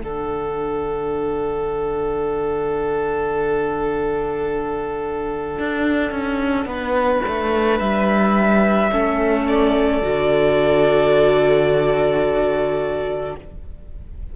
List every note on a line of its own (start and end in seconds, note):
0.00 5.57 D3
0.00 8.90 D4
0.00 6.68 A4
0.00 7.78 F#5
5.59 6.11 D4
6.11 6.66 C#4
6.66 7.21 B3
6.66 8.91 B4
7.28 7.80 A3
7.79 8.91 G3
7.79 9.46 E5
8.91 10.02 A3
8.91 10.02 C#4
8.91 13.36 A4
9.47 13.36 D5
10.02 13.35 D3
10.02 13.36 F#4